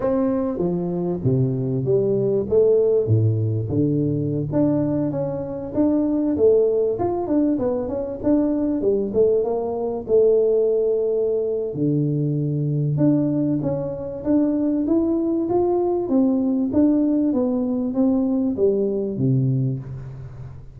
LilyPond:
\new Staff \with { instrumentName = "tuba" } { \time 4/4 \tempo 4 = 97 c'4 f4 c4 g4 | a4 a,4 d4~ d16 d'8.~ | d'16 cis'4 d'4 a4 f'8 d'16~ | d'16 b8 cis'8 d'4 g8 a8 ais8.~ |
ais16 a2~ a8. d4~ | d4 d'4 cis'4 d'4 | e'4 f'4 c'4 d'4 | b4 c'4 g4 c4 | }